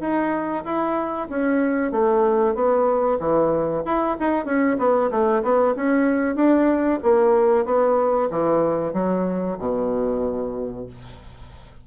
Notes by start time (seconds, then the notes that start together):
0.00 D#4
0.64 E4
1.29 C#4
1.91 A3
2.54 B3
3.19 E3
3.85 E4
4.20 D#4
4.45 C#4
4.78 B3
5.10 A3
5.43 B3
5.76 C#4
6.36 D4
7.03 A#3
7.65 B3
8.30 E3
8.93 F#3
9.59 B2